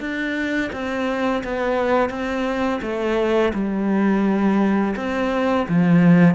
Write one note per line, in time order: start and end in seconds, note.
0.00 0.71 D4
0.72 1.43 C4
1.43 2.10 B3
2.10 2.80 C4
2.82 3.52 A3
3.54 4.95 G3
4.96 5.67 C4
5.68 6.34 F3